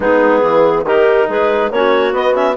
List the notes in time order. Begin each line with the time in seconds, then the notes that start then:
0.00 G#3 B3 D#4 G#4
0.40 E3 G#4
0.84 D#3 D#4 G4 A#4
1.28 G#3 G#4 B4
1.71 A#3 C#4 F#4 C#5
2.12 B3 D#5
2.34 C#4 E5